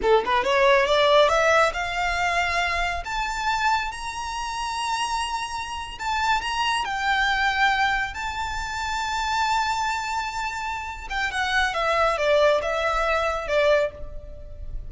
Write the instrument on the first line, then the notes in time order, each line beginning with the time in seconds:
violin
0.02 A4
0.25 B4
0.44 C#5
0.86 D5
1.28 E5
1.73 F5
3.04 A5
3.91 A#5
5.98 A5
6.41 A#5
6.84 G5
8.14 A5
11.09 G5
11.31 F#5
11.74 E5
12.17 D5
12.61 E5
13.47 D5